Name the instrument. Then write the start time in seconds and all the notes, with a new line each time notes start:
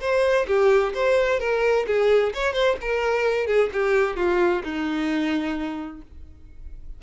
violin
0.00 C5
0.47 G4
0.94 C5
1.40 A#4
1.87 G#4
2.34 C#5
2.53 C5
2.81 A#4
3.46 G#4
3.73 G4
4.16 F4
4.63 D#4